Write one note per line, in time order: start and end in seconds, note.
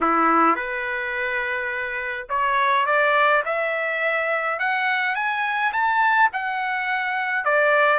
0.00 0.55 E4
0.55 2.27 B4
2.29 2.86 C#5
2.86 3.43 D5
3.45 4.59 E5
4.59 5.15 F#5
5.15 5.72 G#5
5.72 6.29 A5
6.32 7.44 F#5
7.44 7.99 D5